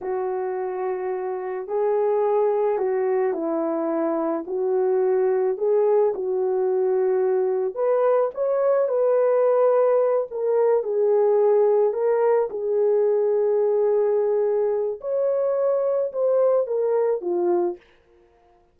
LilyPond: \new Staff \with { instrumentName = "horn" } { \time 4/4 \tempo 4 = 108 fis'2. gis'4~ | gis'4 fis'4 e'2 | fis'2 gis'4 fis'4~ | fis'2 b'4 cis''4 |
b'2~ b'8 ais'4 gis'8~ | gis'4. ais'4 gis'4.~ | gis'2. cis''4~ | cis''4 c''4 ais'4 f'4 | }